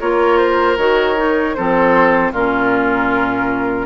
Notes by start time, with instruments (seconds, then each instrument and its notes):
0.00 bassoon A#3, clarinet F4, oboe A#4, flute C#5
0.37 flute C5
0.77 bassoon D#3, clarinet F#4, flute C#5
1.16 clarinet D#4
1.54 bassoon F3, clarinet C4, oboe A4, flute C5
2.32 bassoon A#2, clarinet C#4, oboe F4, flute A#4